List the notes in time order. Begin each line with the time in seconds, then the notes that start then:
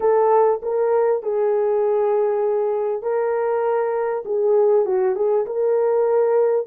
0.00 A4
0.62 A#4
1.23 G#4
3.02 A#4
4.25 G#4
4.85 F#4
5.15 G#4
5.45 A#4